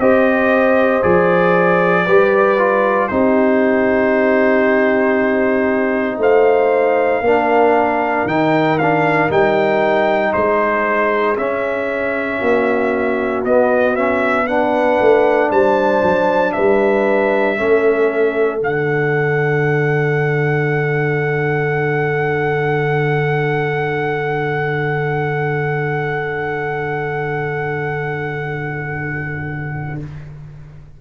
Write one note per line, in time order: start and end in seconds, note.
0.00 1.03 C4
0.00 1.03 G4
0.00 2.06 C5
0.00 1.03 D#5
1.03 2.07 F3
1.03 2.06 G#4
1.03 3.08 D5
2.06 3.11 G3
2.06 2.59 G4
2.06 3.09 B4
2.59 3.10 F4
3.08 6.18 C4
3.08 7.24 D#4
3.08 6.19 G4
3.08 6.19 C5
6.18 7.21 A3
6.18 7.23 C5
6.18 8.28 F5
7.21 8.25 A#3
7.21 8.28 D4
7.21 10.32 A#4
8.26 9.30 D#3
8.26 8.80 D#4
8.26 8.79 G5
8.79 9.30 D4
8.79 9.30 F5
9.30 10.34 G3
9.30 11.37 D#4
9.30 10.33 G5
10.32 11.38 G#3
10.32 12.39 G#4
10.32 11.37 C5
11.38 12.41 C#4
11.38 13.46 C#4
11.38 13.45 E5
12.39 13.45 A#3
12.39 14.45 F#4
13.45 15.00 B3
13.45 13.96 B3
13.45 13.96 D#5
13.96 14.47 C#4
13.96 14.48 E5
14.47 17.58 D4
14.47 15.49 B4
14.47 15.51 F#5
15.01 15.51 A3
15.49 16.03 G3
15.49 16.53 C5
15.49 16.53 A5
16.03 16.55 F#3
16.53 17.60 G3
16.53 17.58 B4
16.53 18.60 E5
17.58 18.61 A3
17.58 18.60 C#4
17.58 30.01 A4
18.60 29.99 D3
18.60 29.98 D4
18.60 30.02 F#5